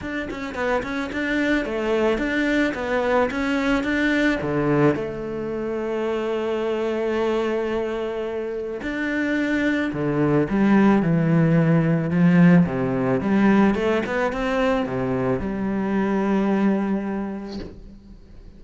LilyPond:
\new Staff \with { instrumentName = "cello" } { \time 4/4 \tempo 4 = 109 d'8 cis'8 b8 cis'8 d'4 a4 | d'4 b4 cis'4 d'4 | d4 a2.~ | a1 |
d'2 d4 g4 | e2 f4 c4 | g4 a8 b8 c'4 c4 | g1 | }